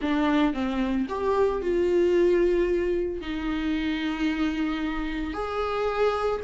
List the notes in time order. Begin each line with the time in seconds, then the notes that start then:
0.01 D4
0.53 C4
1.08 G4
1.61 F4
3.21 D#4
5.33 G#4